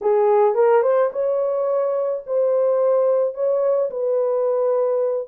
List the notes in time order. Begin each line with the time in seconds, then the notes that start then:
0.01 G#4
0.54 A#4
0.82 C5
1.12 C#5
2.26 C5
3.34 C#5
3.90 B4